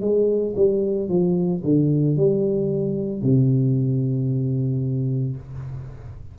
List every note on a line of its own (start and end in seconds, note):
0.00 0.54 G#3
0.56 1.09 G3
1.09 1.62 F3
1.63 2.16 D3
2.16 3.21 G3
3.21 5.36 C3